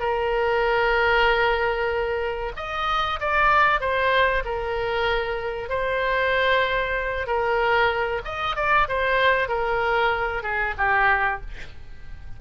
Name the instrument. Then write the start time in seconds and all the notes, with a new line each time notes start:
oboe
0.00 A#4
2.57 D#5
3.20 D5
3.80 C5
4.45 A#4
5.70 C5
7.27 A#4
8.25 D#5
8.56 D5
8.89 C5
9.49 A#4
10.43 G#4
10.78 G4